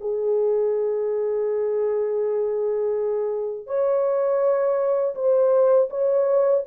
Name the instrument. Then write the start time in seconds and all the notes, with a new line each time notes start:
horn
0.00 G#4
3.66 C#5
5.15 C5
5.90 C#5